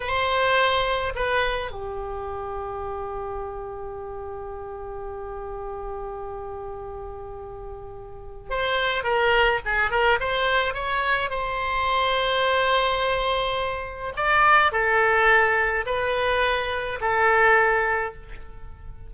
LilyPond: \new Staff \with { instrumentName = "oboe" } { \time 4/4 \tempo 4 = 106 c''2 b'4 g'4~ | g'1~ | g'1~ | g'2. c''4 |
ais'4 gis'8 ais'8 c''4 cis''4 | c''1~ | c''4 d''4 a'2 | b'2 a'2 | }